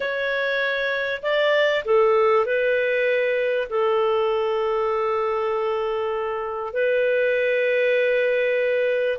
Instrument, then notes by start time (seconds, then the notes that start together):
clarinet
0.00 C#5
1.22 D5
1.85 A4
2.45 B4
3.69 A4
6.73 B4